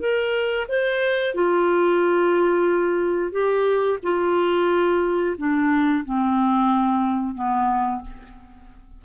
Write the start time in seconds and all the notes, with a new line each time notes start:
0.00 A#4
0.68 C5
1.35 F4
3.32 G4
4.03 F4
5.38 D4
6.05 C4
7.35 B3